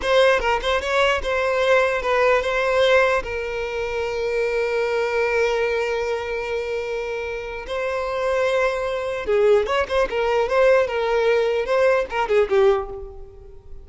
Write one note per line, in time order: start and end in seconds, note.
0.01 0.39 C5
0.39 0.59 A#4
0.62 0.81 C5
0.81 1.21 C#5
1.22 2.02 C5
2.02 2.42 B4
2.42 3.22 C5
3.23 7.66 A#4
7.66 9.26 C5
9.26 9.66 G#4
9.66 9.86 C#5
9.88 10.08 C5
10.10 10.48 A#4
10.48 10.87 C5
10.87 11.65 A#4
11.65 12.05 C5
12.10 12.28 A#4
12.28 12.48 G#4
12.49 12.89 G4